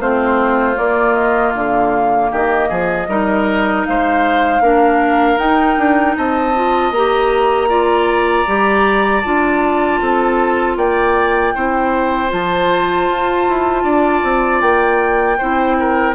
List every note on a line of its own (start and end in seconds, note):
0.00 0.77 A3
0.00 0.75 C4
0.00 2.31 F4
0.00 0.78 C5
0.75 3.05 A#3
0.75 1.54 A#3
0.75 1.14 D5
1.14 1.52 D#5
1.54 2.31 D3
1.54 2.31 F5
2.31 2.70 D#3
2.31 2.69 G4
2.31 3.85 D#5
2.69 3.08 F3
2.69 3.07 G#4
3.08 3.85 G3
3.08 4.63 D#4
3.08 3.86 A#4
3.85 4.60 G#3
3.85 4.62 C5
3.85 5.38 F5
4.60 5.37 A#3
4.60 5.38 D4
4.60 6.16 A#4
5.38 5.76 D#4
5.38 6.53 D#4
5.38 6.15 G5
5.78 6.16 D4
6.17 6.91 C4
6.17 7.69 D#5
6.17 6.92 A5
6.54 6.93 F4
6.91 8.45 A#3
6.91 7.69 G4
6.91 9.21 A#5
7.69 8.46 F4
7.69 10.00 D5
8.46 9.24 G3
8.46 9.23 G4
9.21 10.01 D4
9.21 11.54 F4
9.21 10.75 A5
10.01 10.76 C4
10.01 10.77 A4
10.76 11.53 A#3
10.76 11.54 D5
10.76 12.32 G5
11.54 12.33 C4
11.54 12.29 E4
11.54 13.84 C5
12.29 13.09 F3
12.29 15.37 F4
12.29 14.61 A5
13.09 13.47 F4
13.48 13.83 E4
13.83 14.22 D4
13.83 15.37 D5
14.23 14.62 C4
14.61 15.39 A#3
14.61 16.14 G5
15.38 16.14 C4
15.38 16.14 E4
15.38 15.76 C5
15.79 16.14 A#4